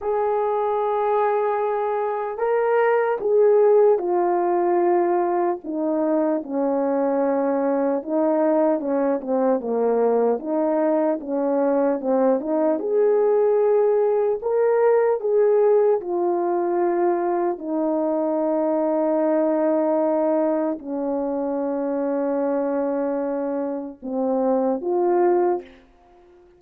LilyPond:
\new Staff \with { instrumentName = "horn" } { \time 4/4 \tempo 4 = 75 gis'2. ais'4 | gis'4 f'2 dis'4 | cis'2 dis'4 cis'8 c'8 | ais4 dis'4 cis'4 c'8 dis'8 |
gis'2 ais'4 gis'4 | f'2 dis'2~ | dis'2 cis'2~ | cis'2 c'4 f'4 | }